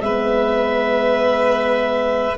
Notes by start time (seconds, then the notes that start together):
0.00 G#3 B3 B4 E5